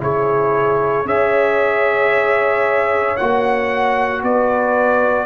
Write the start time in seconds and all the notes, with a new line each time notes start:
0.00 C#3 E4 G#4 C#5
1.05 C#4 G#4 C#5 E5
3.17 A#3 F#4 F#5
4.23 B3 B4 D5